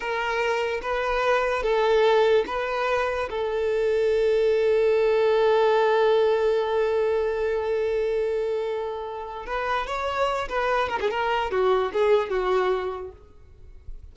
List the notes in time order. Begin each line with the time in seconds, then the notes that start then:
0.00 A#4
0.82 B4
1.62 A4
2.47 B4
3.30 A4
9.46 B4
9.86 C#5
10.48 B4
10.88 A#4
11.00 G#4
11.10 A#4
11.51 F#4
11.93 G#4
12.29 F#4